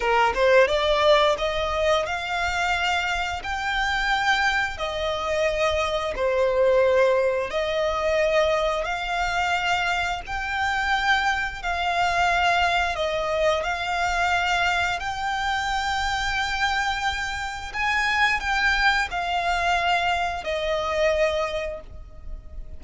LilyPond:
\new Staff \with { instrumentName = "violin" } { \time 4/4 \tempo 4 = 88 ais'8 c''8 d''4 dis''4 f''4~ | f''4 g''2 dis''4~ | dis''4 c''2 dis''4~ | dis''4 f''2 g''4~ |
g''4 f''2 dis''4 | f''2 g''2~ | g''2 gis''4 g''4 | f''2 dis''2 | }